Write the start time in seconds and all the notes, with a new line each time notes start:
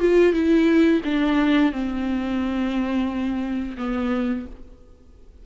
0.00 F4
0.33 E4
1.05 D4
1.72 C4
3.77 B3